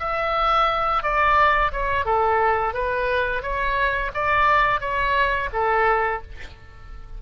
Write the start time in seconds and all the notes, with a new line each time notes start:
0.00 E5
1.03 D5
1.73 C#5
2.06 A4
2.74 B4
3.43 C#5
4.14 D5
4.81 C#5
5.53 A4